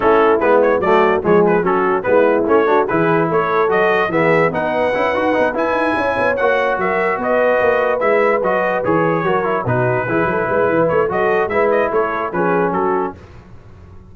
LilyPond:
<<
  \new Staff \with { instrumentName = "trumpet" } { \time 4/4 \tempo 4 = 146 a'4 b'8 cis''8 d''4 cis''8 b'8 | a'4 b'4 cis''4 b'4 | cis''4 dis''4 e''4 fis''4~ | fis''4. gis''2 fis''8~ |
fis''8 e''4 dis''2 e''8~ | e''8 dis''4 cis''2 b'8~ | b'2~ b'8 cis''8 dis''4 | e''8 dis''8 cis''4 b'4 a'4 | }
  \new Staff \with { instrumentName = "horn" } { \time 4/4 e'2 fis'4 gis'4 | fis'4 e'4. fis'8 gis'4 | a'2 gis'4 b'4~ | b'2~ b'8 cis''4.~ |
cis''8 ais'4 b'2~ b'8~ | b'2~ b'8 ais'4 fis'8~ | fis'8 gis'8 a'8 b'4. a'4 | b'4 a'4 gis'4 fis'4 | }
  \new Staff \with { instrumentName = "trombone" } { \time 4/4 cis'4 b4 a4 gis4 | cis'4 b4 cis'8 d'8 e'4~ | e'4 fis'4 b4 dis'4 | e'8 fis'8 dis'8 e'2 fis'8~ |
fis'2.~ fis'8 e'8~ | e'8 fis'4 gis'4 fis'8 e'8 dis'8~ | dis'8 e'2~ e'8 fis'4 | e'2 cis'2 | }
  \new Staff \with { instrumentName = "tuba" } { \time 4/4 a4 gis4 fis4 f4 | fis4 gis4 a4 e4 | a4 fis4 e4 b4 | cis'8 dis'8 b8 e'8 dis'8 cis'8 b8 ais8~ |
ais8 fis4 b4 ais4 gis8~ | gis8 fis4 e4 fis4 b,8~ | b,8 e8 fis8 gis8 e8 a8 fis4 | gis4 a4 f4 fis4 | }
>>